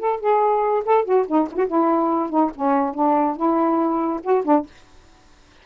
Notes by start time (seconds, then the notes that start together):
0.00 A4
0.21 G#4
0.86 A4
1.05 F#4
1.28 D#4
1.52 E4 F#4
1.68 E4
2.30 D#4
2.56 C#4
2.95 D4
3.37 E4
4.24 F#4
4.45 D4